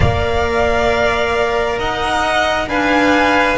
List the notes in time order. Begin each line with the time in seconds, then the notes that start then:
0.00 A#3 A#4 D5 F5
1.78 D#4 D#5 F#5
2.67 D4 B4 F5 G#5